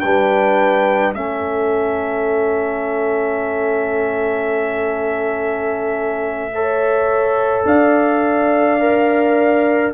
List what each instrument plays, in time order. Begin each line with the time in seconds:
0.00 tuba G3, trombone D4, horn B4, trumpet G5
1.13 tuba A3, trombone C#4, horn A4, trumpet E5
6.54 trombone A4, horn C#5
7.65 tuba D4, horn D5, trumpet F5
8.79 trombone A#4